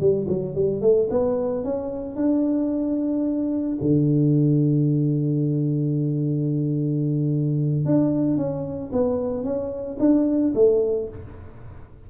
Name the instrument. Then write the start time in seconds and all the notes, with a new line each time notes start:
tuba
0.00 G3
0.28 F#3
0.55 G3
0.81 A3
1.10 B3
1.64 C#4
2.16 D4
3.81 D3
7.86 D4
8.37 C#4
8.92 B3
9.44 C#4
9.99 D4
10.55 A3